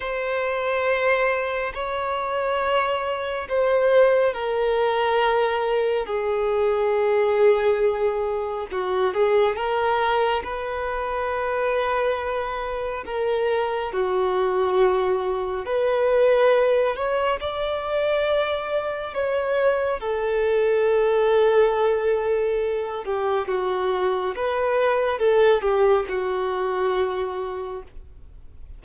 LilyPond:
\new Staff \with { instrumentName = "violin" } { \time 4/4 \tempo 4 = 69 c''2 cis''2 | c''4 ais'2 gis'4~ | gis'2 fis'8 gis'8 ais'4 | b'2. ais'4 |
fis'2 b'4. cis''8 | d''2 cis''4 a'4~ | a'2~ a'8 g'8 fis'4 | b'4 a'8 g'8 fis'2 | }